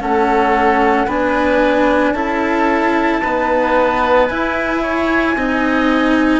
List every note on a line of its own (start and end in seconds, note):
0.00 1.06 A3
0.00 1.07 C#4
0.00 1.06 A4
0.00 1.08 F#5
1.06 2.12 B3
1.06 2.15 D4
1.06 2.14 B4
1.06 2.12 G#5
2.12 3.19 C#4
2.12 3.22 E4
2.12 3.22 A4
2.12 4.27 A5
3.22 4.29 B3
3.22 4.30 D#4
3.22 4.82 B4
4.27 5.37 E4
4.27 5.35 E4
4.27 6.40 G#5
4.82 5.36 C#5
5.35 6.40 C4
5.35 6.40 D#4
5.35 6.40 D#5